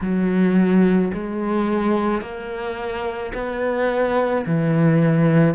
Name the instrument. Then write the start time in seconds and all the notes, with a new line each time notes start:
cello
0.00 F#3
1.13 G#3
2.21 A#3
3.33 B3
4.45 E3